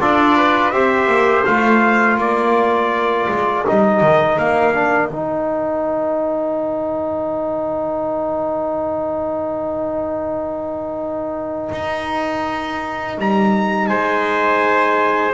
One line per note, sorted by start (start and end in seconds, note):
0.00 0.73 D4
0.00 0.72 F4
0.00 0.36 A4
0.00 0.70 D5
0.36 0.73 B4
0.70 1.07 C4
0.70 1.45 G4
0.70 2.19 C5
0.70 1.43 E5
1.07 1.43 A#3
1.45 2.18 A3
1.45 3.66 F4
1.45 2.19 F5
2.18 3.27 A#3
2.18 13.89 A#4
2.18 3.67 D5
3.28 3.65 G#3
3.67 4.01 G3
3.67 4.73 D#4
3.67 4.39 D#5
4.01 4.37 D#3
4.38 5.11 A#3
4.38 5.09 F5
4.73 5.10 D4
5.09 11.69 D#3
5.09 15.34 D#4
5.09 13.14 G5
11.71 13.18 D#4
13.18 13.89 G3
13.18 13.87 A#5
13.87 15.34 G#3
13.87 15.34 C5
13.87 15.34 G#5